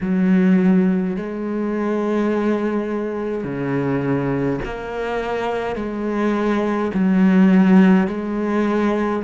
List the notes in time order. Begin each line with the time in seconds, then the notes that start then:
0.01 F#3
1.16 G#3
3.44 C#3
4.65 A#3
5.75 G#3
6.93 F#3
8.07 G#3